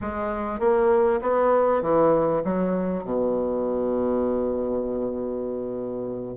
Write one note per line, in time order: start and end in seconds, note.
0.01 0.59 G#3
0.59 1.20 A#3
1.21 1.82 B3
1.82 2.42 E3
2.44 3.04 F#3
3.04 6.36 B2